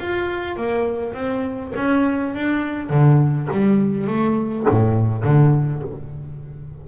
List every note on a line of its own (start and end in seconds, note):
0.00 0.57 F4
0.57 1.14 A#3
1.14 1.73 C4
1.76 2.35 C#4
2.35 2.90 D4
2.90 3.49 D3
3.52 4.07 G3
4.07 4.66 A3
4.70 5.24 A2
5.24 5.83 D3